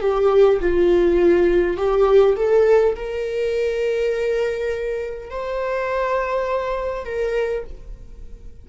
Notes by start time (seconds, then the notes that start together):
0.00 G4
0.60 F4
1.77 G4
2.36 A4
2.95 A#4
5.30 C5
7.04 A#4